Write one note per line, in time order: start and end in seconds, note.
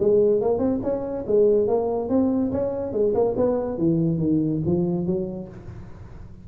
0.00 0.41 G#3
0.41 0.59 A#3
0.59 0.80 C4
0.83 1.25 C#4
1.27 1.67 G#3
1.67 2.09 A#3
2.09 2.51 C4
2.52 2.93 C#4
2.93 3.14 G#3
3.14 3.35 A#3
3.37 3.78 B3
3.78 4.18 E3
4.18 4.60 D#3
4.66 5.06 F3
5.06 5.49 F#3